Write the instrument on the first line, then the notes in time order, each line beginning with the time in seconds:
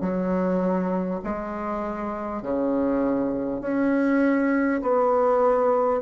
bassoon
0.00 F#3
1.24 G#3
2.42 C#3
3.61 C#4
4.82 B3